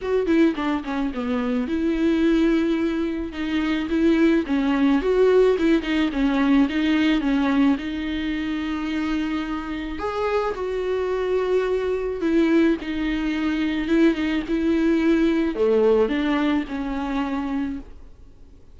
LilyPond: \new Staff \with { instrumentName = "viola" } { \time 4/4 \tempo 4 = 108 fis'8 e'8 d'8 cis'8 b4 e'4~ | e'2 dis'4 e'4 | cis'4 fis'4 e'8 dis'8 cis'4 | dis'4 cis'4 dis'2~ |
dis'2 gis'4 fis'4~ | fis'2 e'4 dis'4~ | dis'4 e'8 dis'8 e'2 | a4 d'4 cis'2 | }